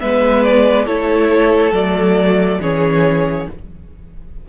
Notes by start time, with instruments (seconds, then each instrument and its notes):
0.00 cello G#3, viola B3, violin B4 E5
0.43 violin D5
0.86 cello A3, viola E4, violin A4 C#5
1.72 cello F#3, viola A3, violin D5
2.60 cello E3, viola C#4, violin G#4 C#5